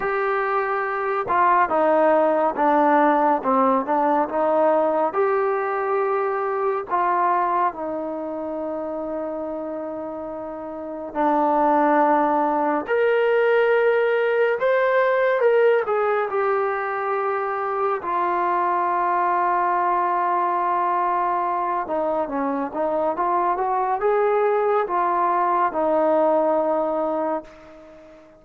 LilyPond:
\new Staff \with { instrumentName = "trombone" } { \time 4/4 \tempo 4 = 70 g'4. f'8 dis'4 d'4 | c'8 d'8 dis'4 g'2 | f'4 dis'2.~ | dis'4 d'2 ais'4~ |
ais'4 c''4 ais'8 gis'8 g'4~ | g'4 f'2.~ | f'4. dis'8 cis'8 dis'8 f'8 fis'8 | gis'4 f'4 dis'2 | }